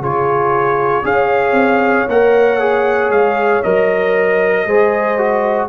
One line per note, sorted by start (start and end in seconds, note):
0.00 1.03 C#3
0.00 1.04 F4
0.00 1.05 G#4
0.00 1.06 C#5
1.04 1.53 C#4
1.04 2.07 G#4
1.04 4.67 C#5
1.04 2.09 F5
1.53 2.04 C4
2.08 3.10 A#3
2.08 2.60 A#4
2.08 3.12 F#5
2.60 3.63 G#4
3.10 3.62 G#3
3.10 3.63 F5
3.63 4.66 F#3
3.63 4.68 A#4
3.63 5.69 D#5
4.66 5.69 G#3
4.66 5.18 G#4
4.66 5.69 C5
5.18 5.69 F#4